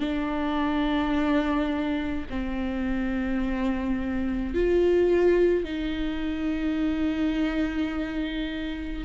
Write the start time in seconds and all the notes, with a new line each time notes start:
0.00 D4
2.30 C4
4.54 F4
5.64 D#4